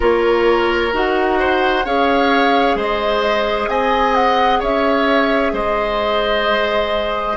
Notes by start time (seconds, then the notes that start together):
0.00 A#3 F4 A#4 C#5
0.92 D#4 F#4 F#5
1.39 C5
1.85 C#4 G#4 C#5 F5
2.75 G#3 C5 D#5
3.68 C4 D#5 G#5
4.15 F#5
4.59 C#4 C#5 E5
5.52 G#3 C5 D#5